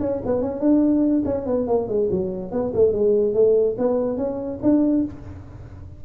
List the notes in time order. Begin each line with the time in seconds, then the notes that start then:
0.00 C#4
0.25 B3
0.41 C#4
0.60 D4
1.25 C#4
1.46 B3
1.67 A#3
1.88 G#3
2.11 F#3
2.51 B3
2.74 A3
2.92 G#3
3.34 A3
3.78 B3
4.17 C#4
4.62 D4